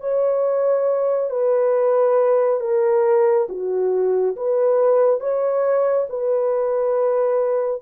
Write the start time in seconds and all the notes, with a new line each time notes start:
0.00 C#5
1.30 B4
2.60 A#4
3.49 F#4
4.36 B4
5.20 C#5
6.09 B4